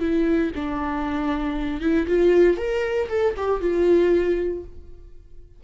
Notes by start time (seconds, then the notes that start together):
0.00 E4
0.55 D4
1.81 E4
2.07 F4
2.57 A#4
3.09 A4
3.37 G4
3.61 F4